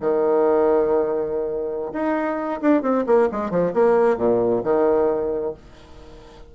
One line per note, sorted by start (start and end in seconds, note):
0.00 1.92 D#3
1.93 2.60 D#4
2.61 2.82 D4
2.82 3.04 C4
3.06 3.29 A#3
3.31 3.50 G#3
3.50 3.72 F3
3.73 4.17 A#3
4.17 4.62 A#2
4.63 5.53 D#3